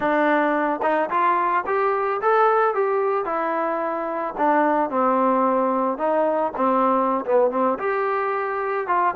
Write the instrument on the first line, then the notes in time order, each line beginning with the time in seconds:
trombone
0.00 D4
0.82 D#4
1.10 F4
1.66 G4
2.21 A4
2.74 G4
3.25 E4
4.37 D4
4.90 C4
5.98 D#4
6.56 C4
7.25 B3
7.50 C4
7.79 G4
8.87 F4